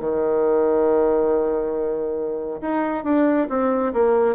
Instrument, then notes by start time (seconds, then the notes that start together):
bassoon
0.00 D#3
2.62 D#4
3.05 D4
3.50 C4
3.94 A#3